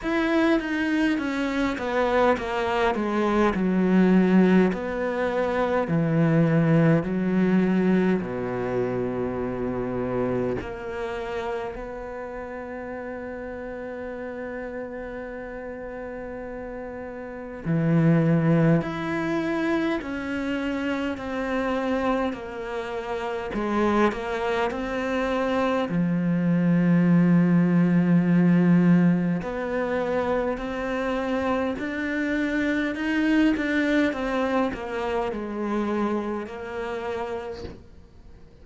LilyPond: \new Staff \with { instrumentName = "cello" } { \time 4/4 \tempo 4 = 51 e'8 dis'8 cis'8 b8 ais8 gis8 fis4 | b4 e4 fis4 b,4~ | b,4 ais4 b2~ | b2. e4 |
e'4 cis'4 c'4 ais4 | gis8 ais8 c'4 f2~ | f4 b4 c'4 d'4 | dis'8 d'8 c'8 ais8 gis4 ais4 | }